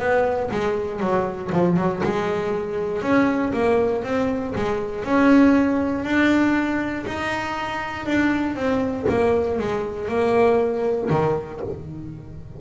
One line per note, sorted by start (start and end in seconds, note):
0.00 0.50 B3
0.51 1.00 G#3
1.00 1.51 F#3
1.53 1.77 F3
1.77 2.02 F#3
2.04 3.03 G#3
3.03 3.53 C#4
3.53 4.04 A#3
4.04 4.54 C4
4.56 5.05 G#3
5.05 6.05 C#4
6.05 7.06 D4
7.07 8.06 D#4
8.06 8.56 D4
8.56 9.06 C4
9.09 9.59 A#3
9.59 10.09 G#3
10.09 11.10 A#3
11.10 11.61 D#3